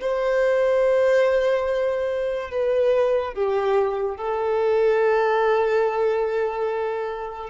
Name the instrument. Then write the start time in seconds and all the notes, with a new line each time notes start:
violin
0.00 C5
2.50 B4
3.33 G4
4.16 A4